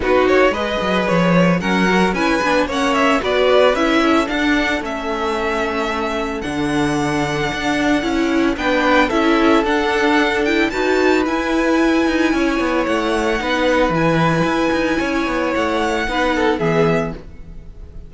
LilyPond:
<<
  \new Staff \with { instrumentName = "violin" } { \time 4/4 \tempo 4 = 112 b'8 cis''8 dis''4 cis''4 fis''4 | gis''4 fis''8 e''8 d''4 e''4 | fis''4 e''2. | fis''1 |
g''4 e''4 fis''4. g''8 | a''4 gis''2. | fis''2 gis''2~ | gis''4 fis''2 e''4 | }
  \new Staff \with { instrumentName = "violin" } { \time 4/4 fis'4 b'2 ais'4 | b'4 cis''4 b'4. a'8~ | a'1~ | a'1 |
b'4 a'2. | b'2. cis''4~ | cis''4 b'2. | cis''2 b'8 a'8 gis'4 | }
  \new Staff \with { instrumentName = "viola" } { \time 4/4 dis'4 gis'2 cis'8 fis'8 | e'8 d'8 cis'4 fis'4 e'4 | d'4 cis'2. | d'2. e'4 |
d'4 e'4 d'4. e'8 | fis'4 e'2.~ | e'4 dis'4 e'2~ | e'2 dis'4 b4 | }
  \new Staff \with { instrumentName = "cello" } { \time 4/4 b8 ais8 gis8 fis8 f4 fis4 | cis'8 b8 ais4 b4 cis'4 | d'4 a2. | d2 d'4 cis'4 |
b4 cis'4 d'2 | dis'4 e'4. dis'8 cis'8 b8 | a4 b4 e4 e'8 dis'8 | cis'8 b8 a4 b4 e4 | }
>>